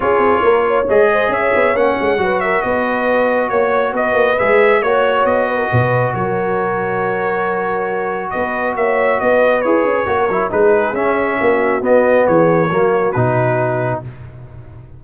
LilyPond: <<
  \new Staff \with { instrumentName = "trumpet" } { \time 4/4 \tempo 4 = 137 cis''2 dis''4 e''4 | fis''4. e''8 dis''2 | cis''4 dis''4 e''4 cis''4 | dis''2 cis''2~ |
cis''2. dis''4 | e''4 dis''4 cis''2 | b'4 e''2 dis''4 | cis''2 b'2 | }
  \new Staff \with { instrumentName = "horn" } { \time 4/4 gis'4 ais'8 cis''4 c''8 cis''4~ | cis''4 b'8 ais'8 b'2 | cis''4 b'2 cis''4~ | cis''8 b'16 ais'16 b'4 ais'2~ |
ais'2. b'4 | cis''4 b'2 ais'4 | gis'2 fis'2 | gis'4 fis'2. | }
  \new Staff \with { instrumentName = "trombone" } { \time 4/4 f'2 gis'2 | cis'4 fis'2.~ | fis'2 gis'4 fis'4~ | fis'1~ |
fis'1~ | fis'2 gis'4 fis'8 e'8 | dis'4 cis'2 b4~ | b4 ais4 dis'2 | }
  \new Staff \with { instrumentName = "tuba" } { \time 4/4 cis'8 c'8 ais4 gis4 cis'8 b8 | ais8 gis8 fis4 b2 | ais4 b8 ais8 gis4 ais4 | b4 b,4 fis2~ |
fis2. b4 | ais4 b4 e'8 cis'8 ais8 fis8 | gis4 cis'4 ais4 b4 | e4 fis4 b,2 | }
>>